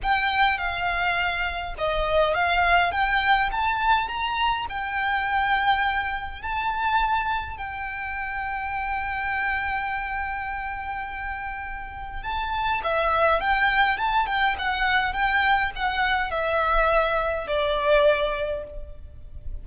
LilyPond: \new Staff \with { instrumentName = "violin" } { \time 4/4 \tempo 4 = 103 g''4 f''2 dis''4 | f''4 g''4 a''4 ais''4 | g''2. a''4~ | a''4 g''2.~ |
g''1~ | g''4 a''4 e''4 g''4 | a''8 g''8 fis''4 g''4 fis''4 | e''2 d''2 | }